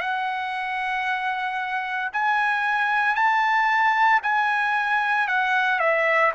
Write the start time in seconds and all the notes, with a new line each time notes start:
0.00 F#5
2.13 G#5
3.15 A5
4.22 G#5
5.27 F#5
5.79 E5